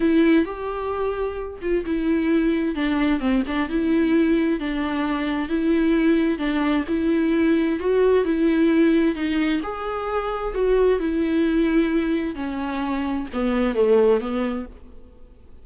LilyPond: \new Staff \with { instrumentName = "viola" } { \time 4/4 \tempo 4 = 131 e'4 g'2~ g'8 f'8 | e'2 d'4 c'8 d'8 | e'2 d'2 | e'2 d'4 e'4~ |
e'4 fis'4 e'2 | dis'4 gis'2 fis'4 | e'2. cis'4~ | cis'4 b4 a4 b4 | }